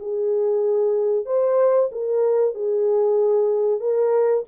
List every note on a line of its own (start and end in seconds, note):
0.00 1.26 G#4
1.26 1.90 C5
1.92 2.55 A#4
2.55 3.80 G#4
3.80 4.44 A#4